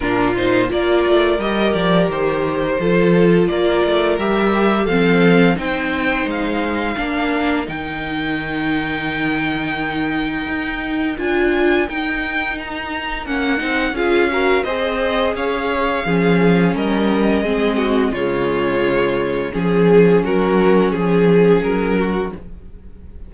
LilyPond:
<<
  \new Staff \with { instrumentName = "violin" } { \time 4/4 \tempo 4 = 86 ais'8 c''8 d''4 dis''8 d''8 c''4~ | c''4 d''4 e''4 f''4 | g''4 f''2 g''4~ | g''1 |
gis''4 g''4 ais''4 fis''4 | f''4 dis''4 f''2 | dis''2 cis''2 | gis'4 ais'4 gis'4 ais'4 | }
  \new Staff \with { instrumentName = "violin" } { \time 4/4 f'4 ais'2. | a'4 ais'2 a'4 | c''2 ais'2~ | ais'1~ |
ais'1 | gis'8 ais'8 c''4 cis''4 gis'4 | ais'4 gis'8 fis'8 f'2 | gis'4 fis'4 gis'4. fis'8 | }
  \new Staff \with { instrumentName = "viola" } { \time 4/4 d'8 dis'8 f'4 g'2 | f'2 g'4 c'4 | dis'2 d'4 dis'4~ | dis'1 |
f'4 dis'2 cis'8 dis'8 | f'8 fis'8 gis'2 cis'4~ | cis'4 c'4 gis2 | cis'1 | }
  \new Staff \with { instrumentName = "cello" } { \time 4/4 ais,4 ais8 a8 g8 f8 dis4 | f4 ais8 a8 g4 f4 | c'4 gis4 ais4 dis4~ | dis2. dis'4 |
d'4 dis'2 ais8 c'8 | cis'4 c'4 cis'4 f4 | g4 gis4 cis2 | f4 fis4 f4 fis4 | }
>>